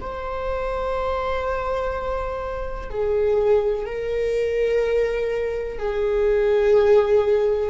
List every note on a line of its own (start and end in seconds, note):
0.00 2.90 C5
2.90 3.85 G#4
3.85 5.78 A#4
5.78 7.70 G#4